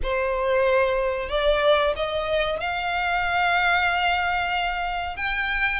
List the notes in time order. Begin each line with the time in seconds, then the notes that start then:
0.02 C5
1.29 D5
1.96 D#5
2.60 F5
5.16 G5